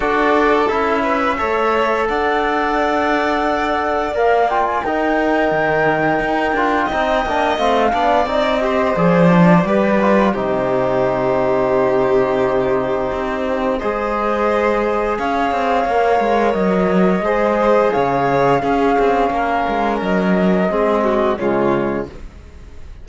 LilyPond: <<
  \new Staff \with { instrumentName = "flute" } { \time 4/4 \tempo 4 = 87 d''4 e''2 fis''4~ | fis''2 f''8 g''16 gis''16 g''4~ | g''2. f''4 | dis''4 d''2 c''4~ |
c''1 | dis''2 f''2 | dis''2 f''2~ | f''4 dis''2 cis''4 | }
  \new Staff \with { instrumentName = "violin" } { \time 4/4 a'4. b'8 cis''4 d''4~ | d''2. ais'4~ | ais'2 dis''4. d''8~ | d''8 c''4. b'4 g'4~ |
g'1 | c''2 cis''2~ | cis''4 c''4 cis''4 gis'4 | ais'2 gis'8 fis'8 f'4 | }
  \new Staff \with { instrumentName = "trombone" } { \time 4/4 fis'4 e'4 a'2~ | a'2 ais'8 f'8 dis'4~ | dis'4. f'8 dis'8 d'8 c'8 d'8 | dis'8 g'8 gis'8 d'8 g'8 f'8 dis'4~ |
dis'1 | gis'2. ais'4~ | ais'4 gis'2 cis'4~ | cis'2 c'4 gis4 | }
  \new Staff \with { instrumentName = "cello" } { \time 4/4 d'4 cis'4 a4 d'4~ | d'2 ais4 dis'4 | dis4 dis'8 d'8 c'8 ais8 a8 b8 | c'4 f4 g4 c4~ |
c2. c'4 | gis2 cis'8 c'8 ais8 gis8 | fis4 gis4 cis4 cis'8 c'8 | ais8 gis8 fis4 gis4 cis4 | }
>>